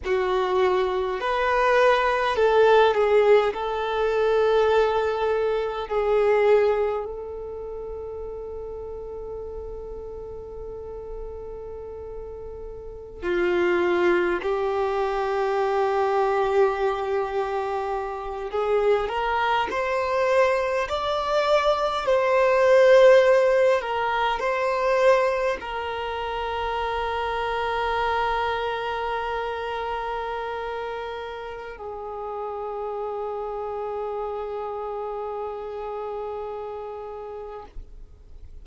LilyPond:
\new Staff \with { instrumentName = "violin" } { \time 4/4 \tempo 4 = 51 fis'4 b'4 a'8 gis'8 a'4~ | a'4 gis'4 a'2~ | a'2.~ a'16 f'8.~ | f'16 g'2.~ g'8 gis'16~ |
gis'16 ais'8 c''4 d''4 c''4~ c''16~ | c''16 ais'8 c''4 ais'2~ ais'16~ | ais'2. gis'4~ | gis'1 | }